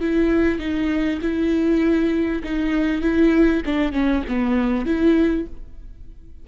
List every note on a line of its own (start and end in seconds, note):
0.00 0.59 E4
0.59 1.20 D#4
1.21 2.42 E4
2.43 3.01 D#4
3.01 3.62 E4
3.65 3.92 D4
3.92 4.23 C#4
4.28 4.85 B3
4.85 5.46 E4